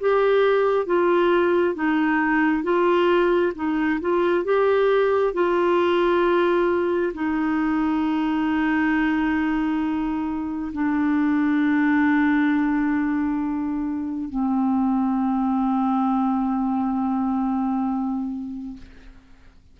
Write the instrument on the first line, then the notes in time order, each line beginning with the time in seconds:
clarinet
0.00 G4
0.86 F4
1.75 D#4
2.63 F4
3.55 D#4
4.01 F4
4.45 G4
5.34 F4
7.14 D#4
10.73 D4
14.29 C4